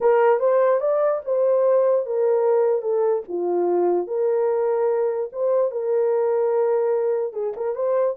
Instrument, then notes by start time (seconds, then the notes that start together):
horn
0.00 A#4
0.39 C5
0.80 D5
1.24 C5
2.06 A#4
2.81 A4
3.28 F4
4.07 A#4
5.32 C5
5.71 A#4
7.33 G#4
7.56 A#4
7.75 C5